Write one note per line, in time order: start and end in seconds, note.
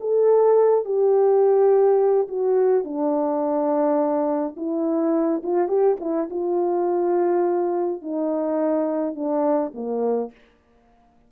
0.00 0.85 A4
0.85 2.28 G4
2.28 2.84 F#4
2.84 4.56 D4
4.56 5.42 E4
5.43 5.68 F4
5.68 5.96 G4
6.00 6.29 E4
6.30 8.02 F4
8.02 9.15 D#4
9.15 9.72 D4
9.74 10.31 A#3